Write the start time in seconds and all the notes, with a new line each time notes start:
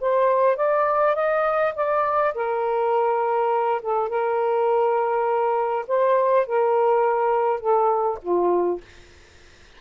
0.00 C5
0.56 D5
1.15 D#5
1.75 D5
2.34 A#4
3.82 A4
4.09 A#4
5.87 C5
6.46 A#4
7.60 A4
8.22 F4